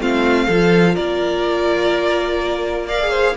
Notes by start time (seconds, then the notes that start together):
0.00 A3 C4 F4 F5
0.47 F3 F4 A4
0.95 A#3 A#4 D5
2.87 A#4 D5 F5
3.01 G#4
3.11 C5